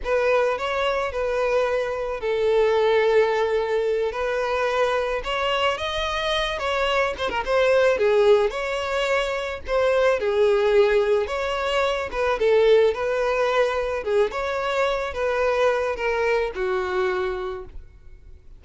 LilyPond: \new Staff \with { instrumentName = "violin" } { \time 4/4 \tempo 4 = 109 b'4 cis''4 b'2 | a'2.~ a'8 b'8~ | b'4. cis''4 dis''4. | cis''4 c''16 ais'16 c''4 gis'4 cis''8~ |
cis''4. c''4 gis'4.~ | gis'8 cis''4. b'8 a'4 b'8~ | b'4. gis'8 cis''4. b'8~ | b'4 ais'4 fis'2 | }